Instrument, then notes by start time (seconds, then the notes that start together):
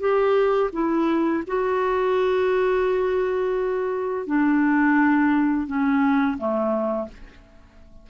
clarinet
0.00 G4
0.73 E4
1.47 F#4
4.27 D4
5.67 C#4
6.38 A3